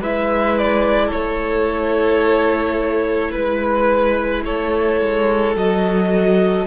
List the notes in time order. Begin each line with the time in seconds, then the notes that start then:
0.00 G#3 E4 B4 E5
0.58 D5
1.07 A4 C#5
1.13 A3
3.31 G#3 B4
4.44 A3 A4 C#5
5.00 G#3
5.55 F#3 F#4 D#5